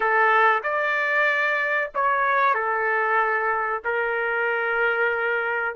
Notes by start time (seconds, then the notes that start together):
0.00 A4
0.63 D5
1.94 C#5
2.54 A4
3.84 A#4